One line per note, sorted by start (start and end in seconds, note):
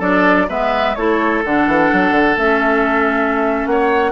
0.00 0.48 F#3
0.00 0.48 D4
0.00 0.47 A4
0.00 0.49 D5
0.49 0.96 G#3
0.49 0.96 B3
0.49 0.97 B4
0.49 0.96 E5
0.96 1.44 A3
0.96 1.45 E4
0.96 3.71 A4
0.96 1.43 C#5
1.45 1.68 D3
1.45 2.38 D4
1.45 2.38 F#5
1.68 1.91 E3
1.93 2.11 F#3
2.11 2.35 D3
2.37 3.66 A3
2.37 4.12 C#4
2.37 3.67 E5
3.66 4.12 A#3
3.66 4.12 C#5
3.66 4.12 F#5